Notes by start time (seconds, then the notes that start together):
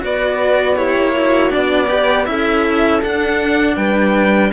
0.00 B3 F#4 B4 D5
0.76 E4 G4 C#5
0.95 A#3
1.15 F#4
1.50 B3 D4 D5
1.88 G4 B4
2.25 C#4 E4 A4 E5
3.02 D4 F#5
3.76 G3 B4 G5